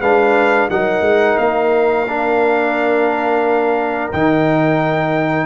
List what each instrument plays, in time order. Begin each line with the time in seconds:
0.00 tuba G#3, trombone D4, horn B4, trumpet F5
0.70 tuba F#3, trombone D#4, horn A#4, trumpet F#5
1.01 tuba G#3
1.38 tuba A#3, trumpet F5
2.08 trombone D4
4.12 tuba D#3, trombone D#4, trumpet G5